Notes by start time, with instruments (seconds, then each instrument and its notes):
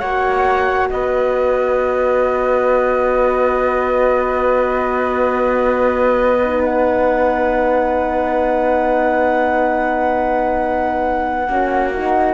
0.00 cello A#3, horn F#4, flute C#5 F#5
0.90 cello B3, flute B4 D#5
6.44 horn D#4
6.65 flute F#5
11.48 cello A#3, horn C#4, flute F#4
11.94 horn D#4